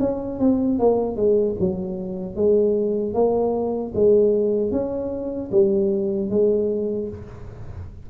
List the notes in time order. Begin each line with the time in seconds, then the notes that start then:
0.00 C#4
0.39 C4
0.79 A#3
1.16 G#3
1.60 F#3
2.36 G#3
3.14 A#3
3.94 G#3
4.72 C#4
5.52 G3
6.30 G#3